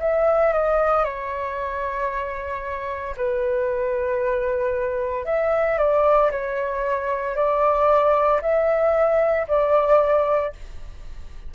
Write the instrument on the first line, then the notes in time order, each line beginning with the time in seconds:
flute
0.00 E5
0.53 D#5
1.04 C#5
3.16 B4
5.25 E5
5.78 D5
6.31 C#5
7.35 D5
8.42 E5
9.47 D5